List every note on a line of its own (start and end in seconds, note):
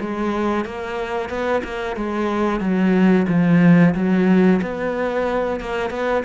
0.00 0.65 G#3
0.65 1.29 A#3
1.29 1.62 B3
1.63 1.96 A#3
1.96 2.60 G#3
2.60 3.26 F#3
3.28 3.94 F3
3.94 4.60 F#3
4.61 5.60 B3
5.60 5.90 A#3
5.90 6.23 B3